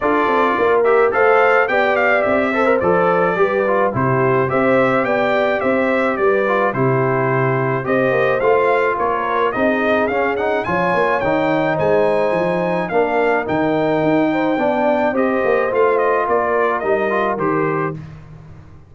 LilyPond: <<
  \new Staff \with { instrumentName = "trumpet" } { \time 4/4 \tempo 4 = 107 d''4. e''8 f''4 g''8 f''8 | e''4 d''2 c''4 | e''4 g''4 e''4 d''4 | c''2 dis''4 f''4 |
cis''4 dis''4 f''8 fis''8 gis''4 | g''4 gis''2 f''4 | g''2. dis''4 | f''8 dis''8 d''4 dis''4 c''4 | }
  \new Staff \with { instrumentName = "horn" } { \time 4/4 a'4 ais'4 c''4 d''4~ | d''8 c''4. b'4 g'4 | c''4 d''4 c''4 b'4 | g'2 c''2 |
ais'4 gis'2 cis''4~ | cis''4 c''2 ais'4~ | ais'4. c''8 d''4 c''4~ | c''4 ais'2. | }
  \new Staff \with { instrumentName = "trombone" } { \time 4/4 f'4. g'8 a'4 g'4~ | g'8 a'16 ais'16 a'4 g'8 f'8 e'4 | g'2.~ g'8 f'8 | e'2 g'4 f'4~ |
f'4 dis'4 cis'8 dis'8 f'4 | dis'2. d'4 | dis'2 d'4 g'4 | f'2 dis'8 f'8 g'4 | }
  \new Staff \with { instrumentName = "tuba" } { \time 4/4 d'8 c'8 ais4 a4 b4 | c'4 f4 g4 c4 | c'4 b4 c'4 g4 | c2 c'8 ais8 a4 |
ais4 c'4 cis'4 f8 ais8 | dis4 gis4 f4 ais4 | dis4 dis'4 b4 c'8 ais8 | a4 ais4 g4 dis4 | }
>>